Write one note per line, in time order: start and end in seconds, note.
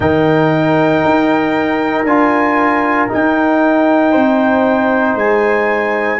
0.00 1.03 D#3
0.00 2.05 D#4
0.00 4.11 A#4
0.00 2.05 G5
1.05 2.04 D#4
2.04 3.07 D4
2.04 3.08 F4
2.04 3.09 G#5
3.08 6.19 D#4
3.08 4.15 D#4
3.08 5.17 G5
4.11 5.14 C4
4.11 6.18 C5
5.14 6.18 G#3
5.14 6.19 G#5